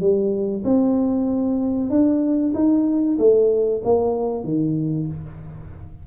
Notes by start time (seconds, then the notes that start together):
0.00 G3
0.64 C4
1.90 D4
2.54 D#4
3.18 A3
3.84 A#3
4.44 D#3